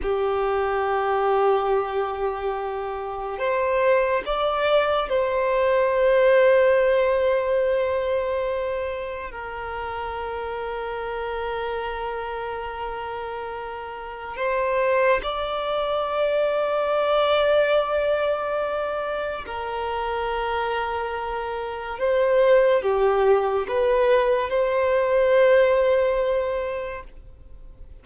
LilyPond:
\new Staff \with { instrumentName = "violin" } { \time 4/4 \tempo 4 = 71 g'1 | c''4 d''4 c''2~ | c''2. ais'4~ | ais'1~ |
ais'4 c''4 d''2~ | d''2. ais'4~ | ais'2 c''4 g'4 | b'4 c''2. | }